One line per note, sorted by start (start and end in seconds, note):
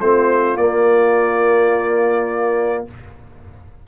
0.00 0.56 A3
0.00 0.59 C4
0.00 2.86 F4
0.00 0.57 C5
0.56 2.85 A#3
0.56 2.87 A#3
0.56 2.85 D5